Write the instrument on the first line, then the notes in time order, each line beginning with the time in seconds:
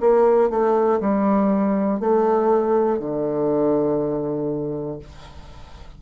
bassoon
0.00 A#3
0.49 A3
1.00 G3
2.00 A3
2.99 D3